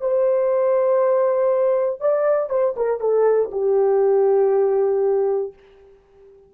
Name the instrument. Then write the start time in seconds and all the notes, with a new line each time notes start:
horn
0.00 C5
2.00 D5
2.49 C5
2.76 A#4
3.00 A4
3.51 G4